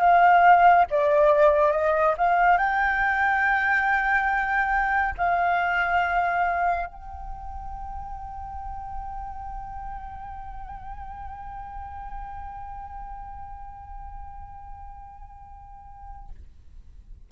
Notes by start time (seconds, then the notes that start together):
0.00 F5
0.91 D5
1.72 D#5
2.18 F5
2.58 G5
5.18 F5
6.87 G5